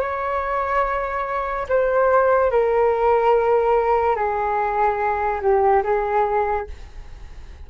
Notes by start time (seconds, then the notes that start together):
0.00 C#5
1.68 C5
2.51 A#4
4.16 G#4
5.41 G4
5.83 G#4